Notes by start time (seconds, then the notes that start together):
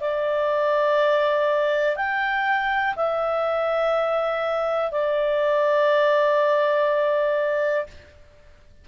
0.00 D5
1.96 G5
2.96 E5
4.91 D5